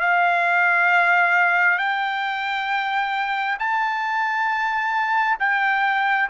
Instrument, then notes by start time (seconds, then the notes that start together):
trumpet
0.00 F5
1.78 G5
3.59 A5
5.39 G5